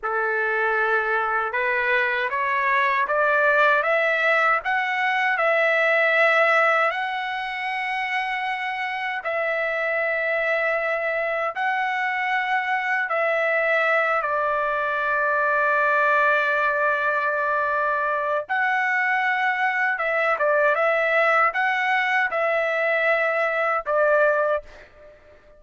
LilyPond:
\new Staff \with { instrumentName = "trumpet" } { \time 4/4 \tempo 4 = 78 a'2 b'4 cis''4 | d''4 e''4 fis''4 e''4~ | e''4 fis''2. | e''2. fis''4~ |
fis''4 e''4. d''4.~ | d''1 | fis''2 e''8 d''8 e''4 | fis''4 e''2 d''4 | }